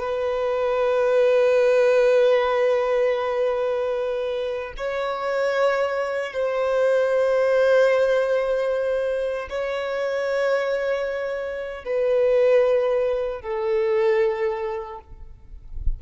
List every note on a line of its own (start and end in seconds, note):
0.00 4.74 B4
4.78 6.33 C#5
6.33 9.49 C5
9.50 11.85 C#5
11.85 13.42 B4
13.42 15.00 A4